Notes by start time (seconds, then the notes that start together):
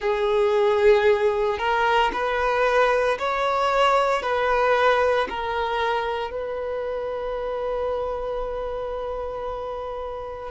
0.00 G#4
1.58 A#4
2.12 B4
3.19 C#5
4.22 B4
5.29 A#4
6.31 B4